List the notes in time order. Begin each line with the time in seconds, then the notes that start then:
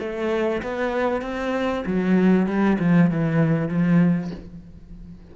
0.00 A3
0.63 B3
1.22 C4
1.87 F#3
2.47 G3
2.80 F3
3.11 E3
3.69 F3